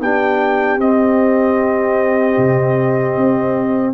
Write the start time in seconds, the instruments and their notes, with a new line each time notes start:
0.00 tuba B3, trombone D4, horn G4, trumpet G5
0.77 tuba C4, trombone C4, trumpet D#5
2.37 tuba C3
3.17 tuba C4